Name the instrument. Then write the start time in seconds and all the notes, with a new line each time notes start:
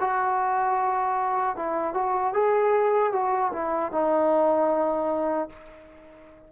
trombone
0.00 F#4
1.56 E4
1.93 F#4
2.33 G#4
3.12 F#4
3.52 E4
3.92 D#4